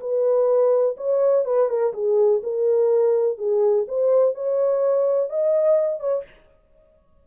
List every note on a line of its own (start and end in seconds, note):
0.00 0.96 B4
0.97 1.45 C#5
1.45 1.69 B4
1.69 1.93 A#4
1.93 2.41 G#4
2.43 3.38 A#4
3.38 3.86 G#4
3.88 4.35 C5
4.35 5.29 C#5
5.29 6.00 D#5
6.00 6.24 C#5